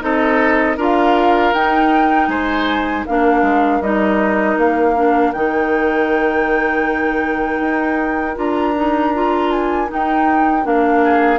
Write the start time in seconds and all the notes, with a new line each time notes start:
0.00 C4 D#4 A4 D#5
0.77 D4 F4 A#4 F5
1.53 D#4 G5
2.28 G#3 C5 G#5
3.06 A#3 D4 A#4 F5
3.42 G#3
3.81 G3 D#4 D#5
4.57 A#3 F5
4.95 D4
5.32 D#3 D#4 G5
7.60 D#4
8.36 D4 F4 A#5
8.76 D#4
9.14 F4
9.51 G#5
9.87 D#4 G5
10.63 A#3 D4 F5
11.04 G#4